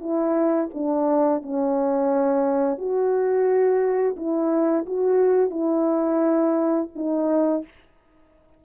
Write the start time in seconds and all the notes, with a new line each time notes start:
0.00 E4
0.74 D4
1.43 C#4
2.78 F#4
4.17 E4
4.86 F#4
5.51 E4
6.96 D#4